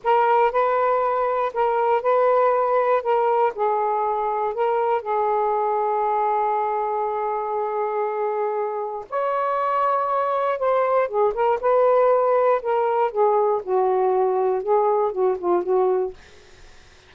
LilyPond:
\new Staff \with { instrumentName = "saxophone" } { \time 4/4 \tempo 4 = 119 ais'4 b'2 ais'4 | b'2 ais'4 gis'4~ | gis'4 ais'4 gis'2~ | gis'1~ |
gis'2 cis''2~ | cis''4 c''4 gis'8 ais'8 b'4~ | b'4 ais'4 gis'4 fis'4~ | fis'4 gis'4 fis'8 f'8 fis'4 | }